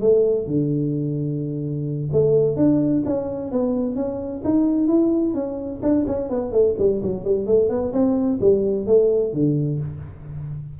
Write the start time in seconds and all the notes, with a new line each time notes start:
0.00 A3
0.46 D3
2.12 A3
2.56 D4
3.05 C#4
3.51 B3
3.95 C#4
4.44 D#4
4.87 E4
5.34 C#4
5.82 D4
6.06 C#4
6.29 B3
6.52 A3
6.78 G3
7.02 F#3
7.24 G3
7.46 A3
7.69 B3
7.92 C4
8.41 G3
8.86 A3
9.33 D3